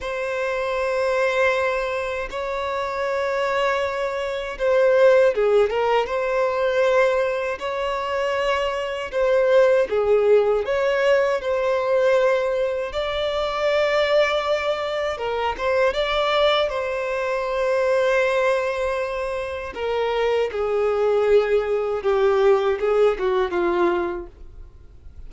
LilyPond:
\new Staff \with { instrumentName = "violin" } { \time 4/4 \tempo 4 = 79 c''2. cis''4~ | cis''2 c''4 gis'8 ais'8 | c''2 cis''2 | c''4 gis'4 cis''4 c''4~ |
c''4 d''2. | ais'8 c''8 d''4 c''2~ | c''2 ais'4 gis'4~ | gis'4 g'4 gis'8 fis'8 f'4 | }